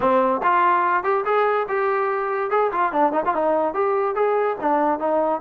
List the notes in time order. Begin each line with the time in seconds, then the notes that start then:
0.00 C4
0.43 F4
1.03 G4
1.25 G#4
1.68 G4
2.50 G#4
2.72 F4
2.92 D4
3.12 D#4
3.25 F4
3.34 D#4
3.73 G4
4.15 G#4
4.60 D4
4.99 D#4